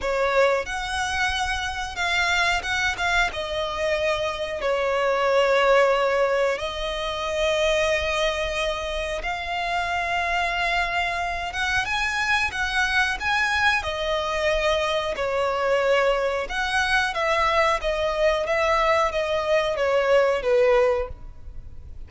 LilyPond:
\new Staff \with { instrumentName = "violin" } { \time 4/4 \tempo 4 = 91 cis''4 fis''2 f''4 | fis''8 f''8 dis''2 cis''4~ | cis''2 dis''2~ | dis''2 f''2~ |
f''4. fis''8 gis''4 fis''4 | gis''4 dis''2 cis''4~ | cis''4 fis''4 e''4 dis''4 | e''4 dis''4 cis''4 b'4 | }